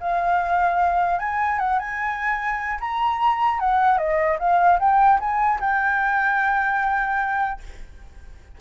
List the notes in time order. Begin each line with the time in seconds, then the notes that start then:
0.00 F5
1.19 G#5
1.59 F#5
1.79 G#5
2.80 A#5
3.59 F#5
3.98 D#5
4.39 F5
4.79 G5
5.20 G#5
5.60 G5